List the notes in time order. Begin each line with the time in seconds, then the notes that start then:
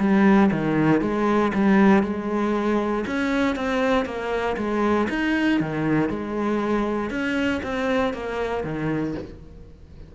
0.00 G3
0.52 D#3
1.02 G#3
1.55 G3
2.04 G#3
3.07 C#4
3.56 C4
4.06 A#3
4.58 G#3
5.10 D#4
5.61 D#3
6.10 G#3
7.11 C#4
7.64 C4
8.14 A#3
8.64 D#3